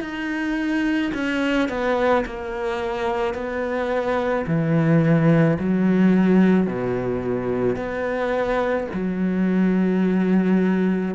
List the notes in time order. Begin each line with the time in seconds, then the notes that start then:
0.00 D#4
1.14 C#4
1.69 B3
2.25 A#3
3.34 B3
4.46 E3
5.59 F#3
6.67 B2
7.76 B3
8.93 F#3